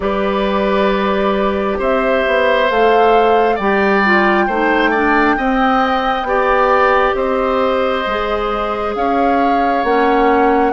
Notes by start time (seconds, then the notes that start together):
0.00 G3 G4 B4 D5
1.78 C4 C5 E5
2.26 B3
2.69 A3 A4 F5
3.55 G3 G4 D5 G5
4.04 F4
4.47 A3 D#4 C5
4.90 D4 D5
5.37 C4 D#5
6.23 B3 G4 D5
7.14 C4 C5 D#5
8.06 G#3 G#4
8.94 C#4 C#5 F5
9.83 A#3 C#4 F#5